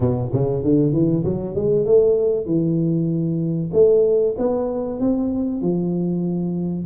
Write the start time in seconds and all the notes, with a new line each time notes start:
0.00 B2
0.33 C#3
0.63 D3
0.92 E3
1.24 F#3
1.55 G#3
1.85 A3
2.45 E3
3.73 A3
4.38 B3
5.00 C4
5.61 F3